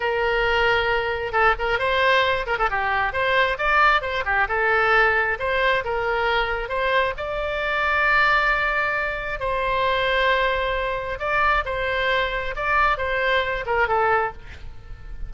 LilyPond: \new Staff \with { instrumentName = "oboe" } { \time 4/4 \tempo 4 = 134 ais'2. a'8 ais'8 | c''4. ais'16 a'16 g'4 c''4 | d''4 c''8 g'8 a'2 | c''4 ais'2 c''4 |
d''1~ | d''4 c''2.~ | c''4 d''4 c''2 | d''4 c''4. ais'8 a'4 | }